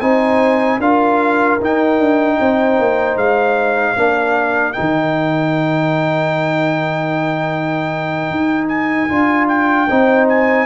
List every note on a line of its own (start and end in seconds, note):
0.00 0.79 C4
0.00 0.81 D#4
0.00 0.79 C5
0.00 0.80 G#5
0.79 1.58 D4
0.79 1.61 F4
0.79 2.38 A#4
0.79 1.60 F5
1.61 1.99 D#4
1.61 3.97 D#4
1.61 3.18 G5
1.99 2.39 D4
2.40 2.79 C4
2.40 3.95 C5
2.79 3.17 A#3
3.17 3.96 G#3
3.17 4.73 F5
3.95 4.76 A#3
3.95 4.75 D4
3.95 9.87 A#4
4.73 9.09 D#4
4.73 8.68 G5
4.80 8.31 D#3
8.31 9.10 D#4
8.69 9.48 G#5
9.09 9.90 D4
9.09 9.88 F4
9.49 10.28 G5
9.89 10.67 C4
9.89 10.67 D#4
9.89 10.67 C5
10.29 10.67 G#5